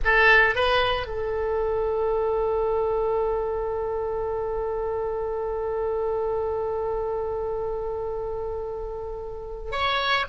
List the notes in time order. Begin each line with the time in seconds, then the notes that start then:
0.04 A4
0.55 B4
1.07 A4
9.71 C#5